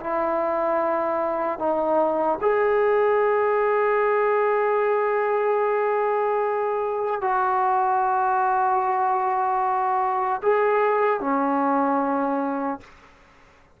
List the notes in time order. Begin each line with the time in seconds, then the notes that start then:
0.00 E4
1.59 D#4
2.41 G#4
7.21 F#4
10.42 G#4
11.20 C#4